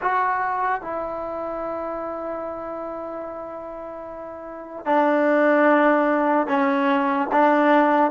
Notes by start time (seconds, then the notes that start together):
0.01 F#4
0.81 E4
4.85 D4
6.46 C#4
7.32 D4